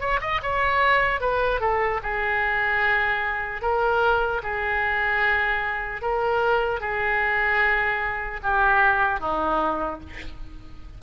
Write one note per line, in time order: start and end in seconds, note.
0.00 0.20 C#5
0.21 0.41 D#5
0.42 1.20 C#5
1.20 1.60 B4
1.60 2.00 A4
2.03 3.61 G#4
3.61 4.41 A#4
4.43 6.01 G#4
6.01 6.80 A#4
6.80 8.40 G#4
8.43 9.20 G4
9.20 10.00 D#4